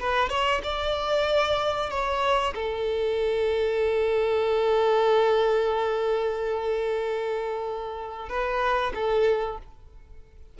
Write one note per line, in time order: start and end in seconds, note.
0.00 0.30 B4
0.30 0.62 C#5
0.64 1.90 D5
1.90 2.54 C#5
2.55 8.29 A4
8.29 8.93 B4
8.95 9.59 A4